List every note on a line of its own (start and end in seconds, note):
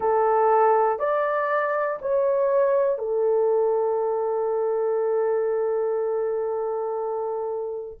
0.00 0.99 A4
0.99 1.99 D5
2.01 2.98 C#5
2.98 7.98 A4